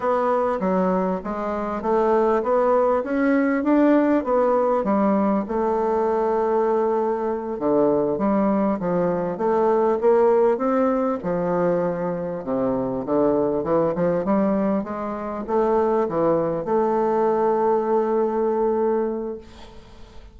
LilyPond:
\new Staff \with { instrumentName = "bassoon" } { \time 4/4 \tempo 4 = 99 b4 fis4 gis4 a4 | b4 cis'4 d'4 b4 | g4 a2.~ | a8 d4 g4 f4 a8~ |
a8 ais4 c'4 f4.~ | f8 c4 d4 e8 f8 g8~ | g8 gis4 a4 e4 a8~ | a1 | }